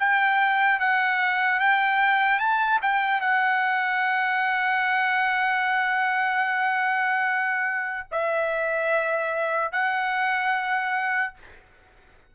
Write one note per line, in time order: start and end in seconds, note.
0.00 0.80 G5
0.80 1.60 F#5
1.60 2.40 G5
2.40 2.80 A5
2.82 3.21 G5
3.21 8.07 F#5
8.12 9.72 E5
9.72 11.34 F#5